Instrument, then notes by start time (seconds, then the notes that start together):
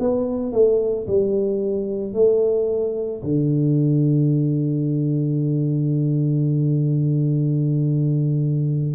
tuba
0.00 B3
0.53 A3
1.07 G3
2.14 A3
3.23 D3